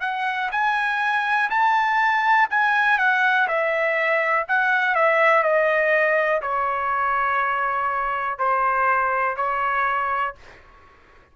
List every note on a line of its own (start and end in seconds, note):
0.00 0.49 F#5
0.51 1.49 G#5
1.50 2.48 A5
2.50 2.98 G#5
2.98 3.47 F#5
3.47 4.46 E5
4.48 4.95 F#5
4.95 5.43 E5
5.43 6.41 D#5
6.41 8.38 C#5
8.38 9.36 C5
9.36 10.35 C#5